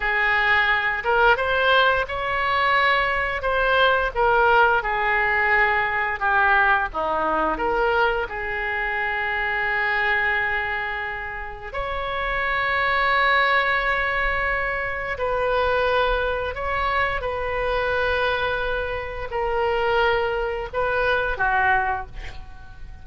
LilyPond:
\new Staff \with { instrumentName = "oboe" } { \time 4/4 \tempo 4 = 87 gis'4. ais'8 c''4 cis''4~ | cis''4 c''4 ais'4 gis'4~ | gis'4 g'4 dis'4 ais'4 | gis'1~ |
gis'4 cis''2.~ | cis''2 b'2 | cis''4 b'2. | ais'2 b'4 fis'4 | }